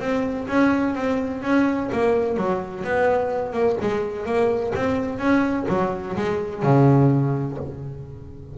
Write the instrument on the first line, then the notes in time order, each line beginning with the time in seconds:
double bass
0.00 C4
0.47 C#4
0.95 C4
1.42 C#4
1.92 A#3
2.37 F#3
2.84 B3
3.53 A#3
3.81 G#3
4.26 A#3
4.75 C4
5.19 C#4
5.68 F#3
6.16 G#3
6.63 C#3